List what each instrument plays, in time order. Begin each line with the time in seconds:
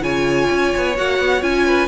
0.00 cello C#3, viola F4, violin C#5 G#5
0.50 cello C#4
0.76 cello B3
0.96 cello A#3, viola F#4, violin F#5
1.18 cello B3
1.40 cello C#4, viola F4, violin G#5
1.65 violin B4